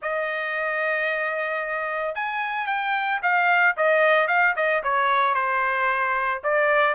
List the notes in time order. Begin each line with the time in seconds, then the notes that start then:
0.02 D#5
2.15 G#5
2.66 G5
3.22 F5
3.76 D#5
4.27 F5
4.56 D#5
4.83 C#5
5.34 C5
6.43 D5